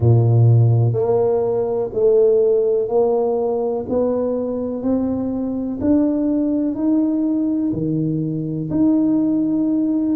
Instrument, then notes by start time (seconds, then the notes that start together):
tuba
0.00 A#2
0.93 A#3
1.93 A3
2.88 A#3
3.88 B3
4.82 C4
5.80 D4
6.75 D#4
7.72 D#3
8.70 D#4